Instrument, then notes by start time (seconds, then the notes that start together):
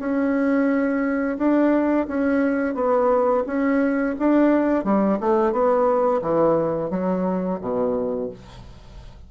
bassoon
0.00 C#4
1.38 D4
2.08 C#4
2.75 B3
3.47 C#4
4.19 D4
4.85 G3
5.21 A3
5.53 B3
6.22 E3
6.91 F#3
7.61 B2